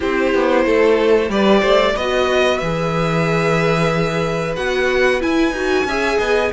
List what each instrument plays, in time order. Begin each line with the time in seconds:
0.00 cello C4, viola E4, violin G4 C5
0.34 cello B3
0.65 cello A3, violin A4
1.29 cello G3, viola G4, violin B4 D5
1.60 cello A3, violin C5
1.95 cello B3, viola F#4, violin B4 D#5
2.58 cello E3, viola G#4, violin E5
4.56 cello B3, viola F#4, violin F#5
5.20 viola E4, cello E4, violin G#5
5.51 cello D#4, viola F#4
5.84 cello C#4, viola G#4, violin E5
6.18 cello B3, violin D#5